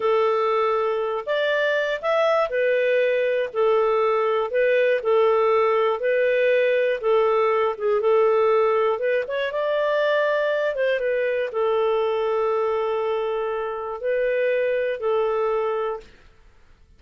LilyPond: \new Staff \with { instrumentName = "clarinet" } { \time 4/4 \tempo 4 = 120 a'2~ a'8 d''4. | e''4 b'2 a'4~ | a'4 b'4 a'2 | b'2 a'4. gis'8 |
a'2 b'8 cis''8 d''4~ | d''4. c''8 b'4 a'4~ | a'1 | b'2 a'2 | }